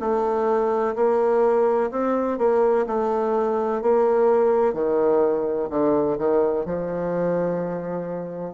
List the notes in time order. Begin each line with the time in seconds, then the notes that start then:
0.00 A3
0.96 A#3
1.91 C4
2.39 A#3
2.87 A3
3.82 A#3
4.74 D#3
5.70 D3
6.19 D#3
6.66 F3